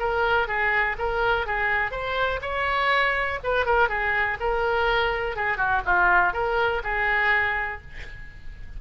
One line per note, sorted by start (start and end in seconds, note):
0.00 0.48 A#4
0.48 0.97 G#4
0.99 1.47 A#4
1.47 1.92 G#4
1.92 2.41 C5
2.42 3.40 C#5
3.44 3.66 B4
3.66 3.89 A#4
3.89 4.38 G#4
4.41 5.36 A#4
5.36 5.57 G#4
5.57 5.82 F#4
5.86 6.34 F4
6.34 6.82 A#4
6.84 7.82 G#4